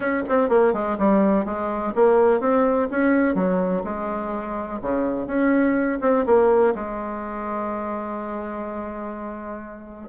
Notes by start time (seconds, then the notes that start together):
0.00 C#4
0.28 C4
0.49 A#3
0.73 G#3
0.98 G3
1.45 G#3
1.95 A#3
2.40 C4
2.90 C#4
3.34 F#3
3.84 G#3
4.81 C#3
5.26 C#4
6.01 C4
6.25 A#3
6.74 G#3